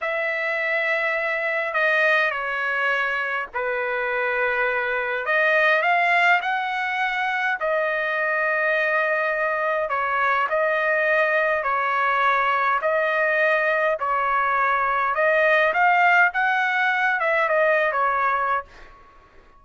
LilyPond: \new Staff \with { instrumentName = "trumpet" } { \time 4/4 \tempo 4 = 103 e''2. dis''4 | cis''2 b'2~ | b'4 dis''4 f''4 fis''4~ | fis''4 dis''2.~ |
dis''4 cis''4 dis''2 | cis''2 dis''2 | cis''2 dis''4 f''4 | fis''4. e''8 dis''8. cis''4~ cis''16 | }